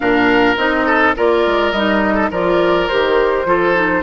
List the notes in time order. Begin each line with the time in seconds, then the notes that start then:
0.00 A#2 D4 A#4 F5
0.56 C4 D#4 D#5
0.86 A4
1.16 A#3 F4 A#4 D5
1.46 G#3
1.72 G3 D#4 D#5
2.14 A4
2.31 F3 F4 A#4 D5
2.87 D#3 G4 C5
3.45 F3 F4 A4
3.75 D#4